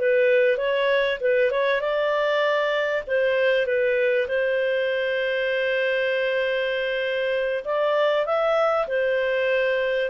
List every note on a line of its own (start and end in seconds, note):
0.00 0.58 B4
0.58 1.19 C#5
1.21 1.51 B4
1.51 1.81 C#5
1.81 3.04 D5
3.08 3.67 C5
3.67 4.28 B4
4.28 7.65 C5
7.65 8.27 D5
8.27 8.88 E5
8.88 10.10 C5